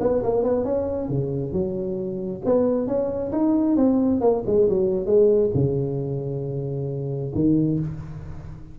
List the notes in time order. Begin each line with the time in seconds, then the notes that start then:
0.00 B3
0.23 A#3
0.43 B3
0.64 C#4
1.09 C#3
1.53 F#3
2.45 B3
2.87 C#4
3.32 D#4
3.76 C4
4.21 A#3
4.46 G#3
4.69 F#3
5.06 G#3
5.54 C#3
7.35 D#3